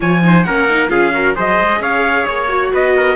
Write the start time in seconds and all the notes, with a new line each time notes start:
0.00 F3 F4 C#5 G#5
0.22 D#4 C5
0.43 A#3 C#4 A#4 F#5
0.69 D#4
0.88 C#4 F4 G#4 F5
1.13 F#4 A#4
1.34 F#3 G#4 C5 D#5
1.60 G#3
1.79 C#4 C#5 F5
2.26 A#3 C#5
2.48 F#4
2.72 B3 B4 D#5
2.96 A#4